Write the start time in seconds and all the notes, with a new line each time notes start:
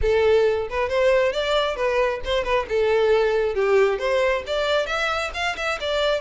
0.01 A4
0.69 B4
0.89 C5
1.32 D5
1.76 B4
2.24 C5
2.43 B4
2.68 A4
3.55 G4
3.98 C5
4.46 D5
4.86 E5
5.34 F5
5.56 E5
5.80 D5